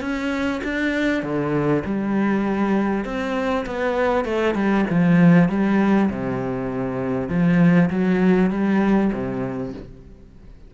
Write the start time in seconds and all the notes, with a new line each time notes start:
0.00 C#4
0.63 D4
1.22 D3
1.85 G3
3.04 C4
3.66 B3
4.24 A3
4.54 G3
4.90 F3
5.48 G3
6.10 C3
7.29 F3
7.90 F#3
8.50 G3
9.12 C3